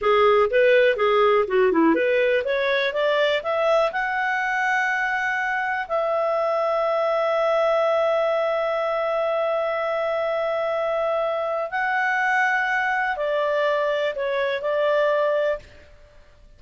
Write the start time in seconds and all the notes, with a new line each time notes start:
0.01 G#4
0.50 B4
0.96 G#4
1.47 F#4
1.72 E4
1.94 B4
2.44 C#5
2.93 D5
3.43 E5
3.92 F#5
5.88 E5
11.71 F#5
13.16 D5
14.15 C#5
14.61 D5